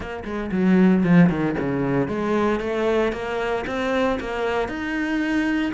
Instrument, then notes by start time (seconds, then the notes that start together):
cello
0.00 A#3
0.24 G#3
0.51 F#3
1.03 F3
1.29 D#3
1.59 C#3
2.08 G#3
2.60 A3
3.12 A#3
3.66 C4
4.20 A#3
4.68 D#4